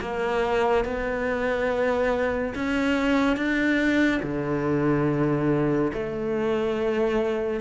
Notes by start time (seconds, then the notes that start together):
0.00 A#3
0.85 B3
2.54 C#4
3.36 D4
4.22 D3
5.93 A3